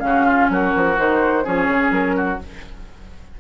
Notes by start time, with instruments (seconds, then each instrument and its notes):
0.00 bassoon C#3, clarinet C#4, flute F5
0.06 oboe F#4
0.26 oboe F4
0.50 bassoon F#3, oboe F#4, flute A#4
0.77 bassoon F3
0.98 bassoon D#3, clarinet D#4, flute C5
1.44 bassoon F3, clarinet C#4, oboe G#4, flute C#5
1.68 bassoon C#3
1.91 bassoon F#3, flute A#4
2.17 oboe F#4